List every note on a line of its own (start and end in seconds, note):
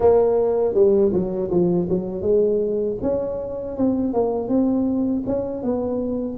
0.00 0.74 A#3
0.74 1.11 G3
1.12 1.50 F#3
1.50 1.88 F3
1.90 2.21 F#3
2.21 2.96 G#3
3.01 3.76 C#4
3.77 4.13 C4
4.13 4.48 A#3
4.48 5.23 C4
5.26 5.62 C#4
5.62 6.37 B3